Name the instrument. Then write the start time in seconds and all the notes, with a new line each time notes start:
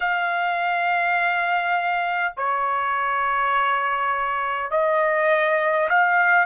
trumpet
0.00 F5
2.36 C#5
4.71 D#5
5.89 F5